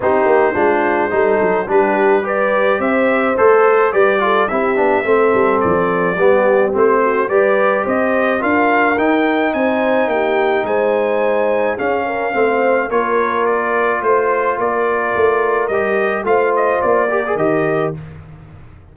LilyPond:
<<
  \new Staff \with { instrumentName = "trumpet" } { \time 4/4 \tempo 4 = 107 c''2. b'4 | d''4 e''4 c''4 d''4 | e''2 d''2 | c''4 d''4 dis''4 f''4 |
g''4 gis''4 g''4 gis''4~ | gis''4 f''2 cis''4 | d''4 c''4 d''2 | dis''4 f''8 dis''8 d''4 dis''4 | }
  \new Staff \with { instrumentName = "horn" } { \time 4/4 g'4 f'4 a'4 g'4 | b'4 c''2 b'8 a'8 | g'4 a'2 g'4~ | g'8 fis'8 b'4 c''4 ais'4~ |
ais'4 c''4 g'4 c''4~ | c''4 gis'8 ais'8 c''4 ais'4~ | ais'4 c''4 ais'2~ | ais'4 c''4. ais'4. | }
  \new Staff \with { instrumentName = "trombone" } { \time 4/4 dis'4 d'4 dis'4 d'4 | g'2 a'4 g'8 f'8 | e'8 d'8 c'2 b4 | c'4 g'2 f'4 |
dis'1~ | dis'4 cis'4 c'4 f'4~ | f'1 | g'4 f'4. g'16 gis'16 g'4 | }
  \new Staff \with { instrumentName = "tuba" } { \time 4/4 c'8 ais8 gis4 g8 fis8 g4~ | g4 c'4 a4 g4 | c'8 b8 a8 g8 f4 g4 | a4 g4 c'4 d'4 |
dis'4 c'4 ais4 gis4~ | gis4 cis'4 a4 ais4~ | ais4 a4 ais4 a4 | g4 a4 ais4 dis4 | }
>>